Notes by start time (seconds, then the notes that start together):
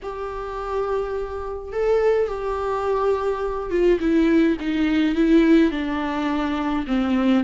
0.02 G4
1.72 A4
2.27 G4
3.70 F4
4.00 E4
4.59 D#4
5.15 E4
5.71 D4
6.86 C4